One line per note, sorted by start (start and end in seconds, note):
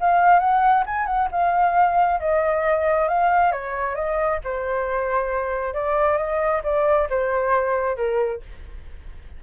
0.00 0.39 F5
0.39 0.83 F#5
0.86 1.06 G#5
1.06 1.28 F#5
1.31 2.20 F5
2.20 3.08 D#5
3.08 3.52 F5
3.52 3.95 C#5
3.95 4.39 D#5
4.44 5.74 C5
5.74 6.17 D5
6.17 6.62 D#5
6.63 7.08 D5
7.09 7.96 C5
7.96 8.40 A#4